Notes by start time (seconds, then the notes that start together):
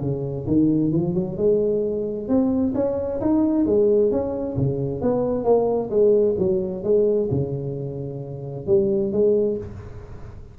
0.00 C#3
0.46 D#3
0.91 F3
1.14 F#3
1.37 G#3
2.28 C4
2.74 C#4
3.20 D#4
3.66 G#3
4.11 C#4
4.57 C#3
5.01 B3
5.44 A#3
5.90 G#3
6.38 F#3
6.83 G#3
7.31 C#3
8.66 G3
9.12 G#3